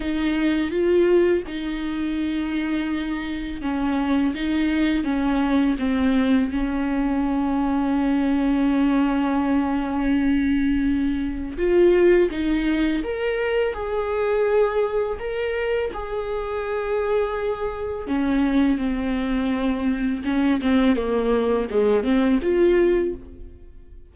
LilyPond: \new Staff \with { instrumentName = "viola" } { \time 4/4 \tempo 4 = 83 dis'4 f'4 dis'2~ | dis'4 cis'4 dis'4 cis'4 | c'4 cis'2.~ | cis'1 |
f'4 dis'4 ais'4 gis'4~ | gis'4 ais'4 gis'2~ | gis'4 cis'4 c'2 | cis'8 c'8 ais4 gis8 c'8 f'4 | }